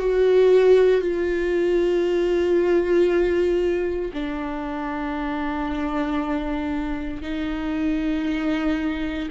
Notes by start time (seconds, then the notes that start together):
0.00 F#4
1.02 F4
4.14 D4
7.22 D#4